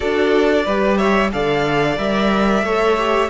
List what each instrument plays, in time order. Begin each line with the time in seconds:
0.00 cello D4, viola F#4, violin A4 D5
0.65 cello G3, viola G4, violin B4
0.97 violin C#5 E5
1.32 cello D3, viola A4, violin D5 F5
1.97 cello G3, viola A#4, violin E5
2.62 cello A3, viola A4, violin C#5
2.97 viola G4